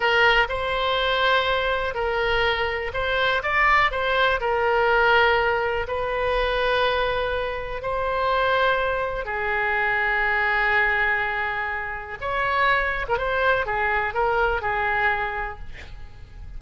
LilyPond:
\new Staff \with { instrumentName = "oboe" } { \time 4/4 \tempo 4 = 123 ais'4 c''2. | ais'2 c''4 d''4 | c''4 ais'2. | b'1 |
c''2. gis'4~ | gis'1~ | gis'4 cis''4.~ cis''16 ais'16 c''4 | gis'4 ais'4 gis'2 | }